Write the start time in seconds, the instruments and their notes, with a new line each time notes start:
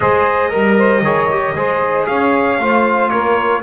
0.00 double bass G#3, trombone G#4, saxophone C5, trumpet D#5
0.49 double bass G3, trombone A#4, saxophone A#4
0.77 saxophone C5
1.01 double bass D#3, trombone G#4, saxophone C#5
1.30 trombone G4
1.55 double bass G#3, trombone G#4, saxophone C5
2.06 double bass C#4, saxophone C#5, trumpet F5
2.59 double bass A3, trombone F4, saxophone C5
3.09 double bass A#3, saxophone A#4, trumpet C#5